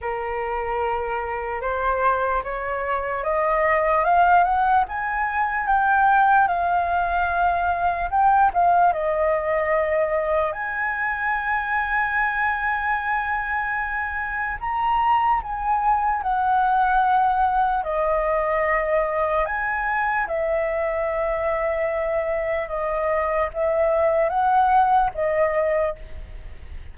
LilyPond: \new Staff \with { instrumentName = "flute" } { \time 4/4 \tempo 4 = 74 ais'2 c''4 cis''4 | dis''4 f''8 fis''8 gis''4 g''4 | f''2 g''8 f''8 dis''4~ | dis''4 gis''2.~ |
gis''2 ais''4 gis''4 | fis''2 dis''2 | gis''4 e''2. | dis''4 e''4 fis''4 dis''4 | }